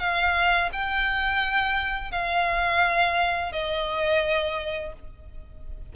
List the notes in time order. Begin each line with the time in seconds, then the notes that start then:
0.00 F5
0.73 G5
2.12 F5
3.53 D#5